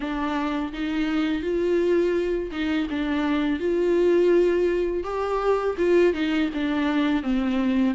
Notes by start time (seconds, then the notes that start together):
0.00 D4
0.72 D#4
1.42 F4
2.51 D#4
2.89 D4
3.59 F4
5.03 G4
5.77 F4
6.13 D#4
6.54 D4
7.22 C4